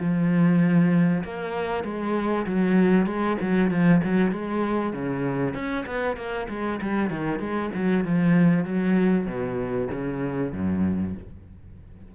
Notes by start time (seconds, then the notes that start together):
0.00 F3
1.24 A#3
1.84 G#3
2.47 F#3
3.06 G#3
3.41 F#3
3.71 F3
4.04 F#3
4.32 G#3
4.93 C#3
5.54 C#4
5.87 B3
6.17 A#3
6.49 G#3
6.82 G3
7.11 D#3
7.40 G#3
7.75 F#3
8.05 F3
8.65 F#3
9.27 B2
9.92 C#3
10.53 F#2